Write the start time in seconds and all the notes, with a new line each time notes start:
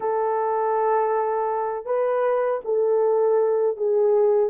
0.00 A4
1.85 B4
2.65 A4
3.76 G#4